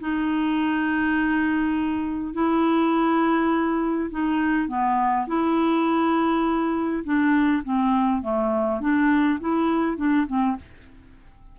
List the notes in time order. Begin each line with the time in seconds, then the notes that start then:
0.00 D#4
2.33 E4
4.10 D#4
4.68 B3
5.27 E4
7.04 D4
7.64 C4
8.22 A3
8.80 D4
9.40 E4
9.97 D4
10.27 C4